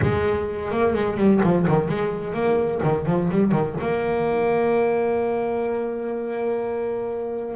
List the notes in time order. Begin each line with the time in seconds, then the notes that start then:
0.02 G#3
0.71 A#3
0.93 G#3
1.17 G3
1.43 F3
1.67 D#3
1.88 G#3
2.33 A#3
2.83 D#3
3.06 F3
3.30 G3
3.51 D#3
3.80 A#3